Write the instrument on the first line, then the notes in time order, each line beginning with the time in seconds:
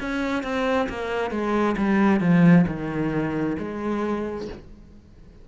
cello
0.00 C#4
0.43 C4
0.90 A#3
1.31 G#3
1.77 G3
2.20 F3
2.67 D#3
3.59 G#3